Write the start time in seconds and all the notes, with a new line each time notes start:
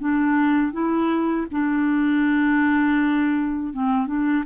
0.00 D4
0.73 E4
1.52 D4
3.74 C4
4.07 D4